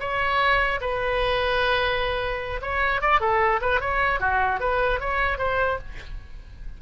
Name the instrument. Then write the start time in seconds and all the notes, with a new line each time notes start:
oboe
0.00 C#5
0.81 B4
2.61 C#5
3.01 D5
3.20 A4
3.61 B4
3.80 C#5
4.20 F#4
4.60 B4
5.00 C#5
5.38 C5